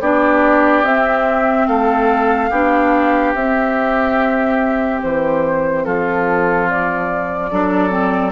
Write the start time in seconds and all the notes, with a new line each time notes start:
0.00 B3 D4 G4 D5
0.83 C4 E5
1.68 A3 A4 F5
2.50 B3 D4 G4
3.35 C4 E5
5.02 E3 C5
5.85 F3 F4 A4
6.70 D5
7.51 F#3 D4 A4
7.90 C4